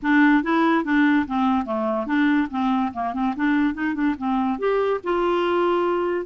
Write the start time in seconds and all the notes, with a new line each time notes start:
0.02 D4
0.43 E4
0.84 D4
1.27 C4
1.65 A3
2.06 D4
2.50 C4
2.93 A#3
3.13 C4
3.36 D4
3.74 D#4
3.94 D4
4.17 C4
4.58 G4
5.03 F4